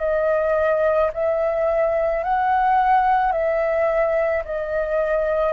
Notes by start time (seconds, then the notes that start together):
0.00 D#5
1.14 E5
2.24 F#5
3.32 E5
4.45 D#5